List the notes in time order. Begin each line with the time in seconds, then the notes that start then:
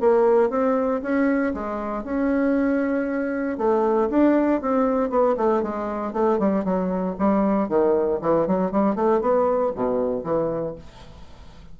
0.00 A#3
0.50 C4
1.02 C#4
1.54 G#3
2.04 C#4
3.58 A3
4.10 D4
4.61 C4
5.10 B3
5.37 A3
5.63 G#3
6.13 A3
6.39 G3
6.65 F#3
7.19 G3
7.69 D#3
8.21 E3
8.47 F#3
8.72 G3
8.96 A3
9.21 B3
9.75 B2
10.24 E3